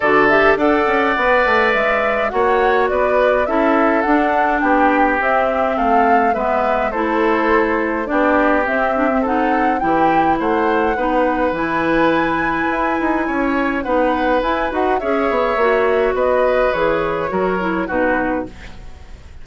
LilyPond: <<
  \new Staff \with { instrumentName = "flute" } { \time 4/4 \tempo 4 = 104 d''8 e''8 fis''2 e''4 | fis''4 d''4 e''4 fis''4 | g''4 e''4 f''4 e''4 | c''2 d''4 e''4 |
fis''4 g''4 fis''2 | gis''1 | fis''4 gis''8 fis''8 e''2 | dis''4 cis''2 b'4 | }
  \new Staff \with { instrumentName = "oboe" } { \time 4/4 a'4 d''2. | cis''4 b'4 a'2 | g'2 a'4 b'4 | a'2 g'2 |
a'4 g'4 c''4 b'4~ | b'2. cis''4 | b'2 cis''2 | b'2 ais'4 fis'4 | }
  \new Staff \with { instrumentName = "clarinet" } { \time 4/4 fis'8 g'8 a'4 b'2 | fis'2 e'4 d'4~ | d'4 c'2 b4 | e'2 d'4 c'8 d'16 c'16 |
dis'4 e'2 dis'4 | e'1 | dis'4 e'8 fis'8 gis'4 fis'4~ | fis'4 gis'4 fis'8 e'8 dis'4 | }
  \new Staff \with { instrumentName = "bassoon" } { \time 4/4 d4 d'8 cis'8 b8 a8 gis4 | ais4 b4 cis'4 d'4 | b4 c'4 a4 gis4 | a2 b4 c'4~ |
c'4 e4 a4 b4 | e2 e'8 dis'8 cis'4 | b4 e'8 dis'8 cis'8 b8 ais4 | b4 e4 fis4 b,4 | }
>>